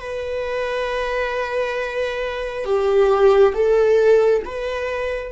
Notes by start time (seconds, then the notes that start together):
0.00 B4
2.65 G4
3.54 A4
4.45 B4